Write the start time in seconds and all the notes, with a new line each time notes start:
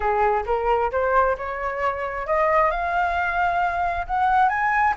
0.00 G#4
0.46 A#4
0.91 C5
1.37 C#5
2.27 D#5
2.70 F5
4.06 F#5
4.48 G#5